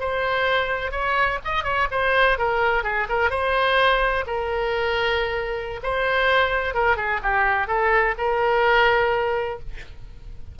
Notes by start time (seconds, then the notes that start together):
0.00 C5
0.91 C#5
1.45 D#5
1.64 C#5
1.91 C5
2.38 A#4
2.84 G#4
3.09 A#4
3.30 C5
4.27 A#4
5.83 C5
6.75 A#4
6.97 G#4
7.23 G4
7.67 A4
8.18 A#4